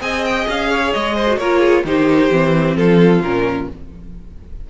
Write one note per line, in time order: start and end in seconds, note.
0.00 0.47 C4
0.00 1.26 G#4
0.00 0.70 D#5
0.00 0.25 G#5
0.25 0.48 G5
0.48 0.94 C#4
0.48 0.93 F5
0.70 1.16 C#5
0.93 1.38 G#3
0.93 1.38 D#5
1.16 1.39 C5
1.28 1.39 F#4
1.38 1.84 A#3
1.38 1.86 F4
1.38 1.60 A#4
1.38 1.84 C#5
1.60 1.83 G#4
1.84 2.30 D#3
1.84 2.31 D#4
1.84 2.78 G4
1.84 2.77 C5
2.31 2.76 E3
2.31 3.22 C4
2.76 3.22 F3
2.76 3.70 F4
2.76 3.22 A4
3.22 3.68 A#2
3.22 3.70 C#4
3.22 3.69 A#4